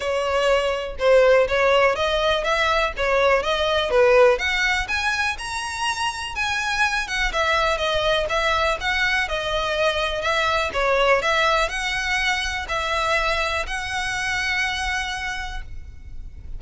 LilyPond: \new Staff \with { instrumentName = "violin" } { \time 4/4 \tempo 4 = 123 cis''2 c''4 cis''4 | dis''4 e''4 cis''4 dis''4 | b'4 fis''4 gis''4 ais''4~ | ais''4 gis''4. fis''8 e''4 |
dis''4 e''4 fis''4 dis''4~ | dis''4 e''4 cis''4 e''4 | fis''2 e''2 | fis''1 | }